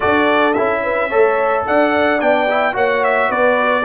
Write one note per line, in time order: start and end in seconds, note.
0.00 0.57 D4
0.00 0.53 F#4
0.00 0.81 A4
0.00 0.53 D5
0.53 1.12 C#4
0.53 1.11 E4
0.53 1.63 E5
0.83 1.09 B4
1.09 1.67 A3
1.09 2.19 A4
1.09 1.64 C#5
1.66 2.21 D4
1.66 2.75 D5
1.66 2.20 F#5
2.19 2.75 B3
2.19 2.47 D4
2.19 2.75 G5
2.49 2.72 E4
2.72 3.30 A#3
2.72 3.83 F#4
2.72 3.29 C#5
2.72 3.04 F#5
3.04 3.31 E5
3.29 3.85 B3
3.29 3.84 B4
3.29 3.85 D5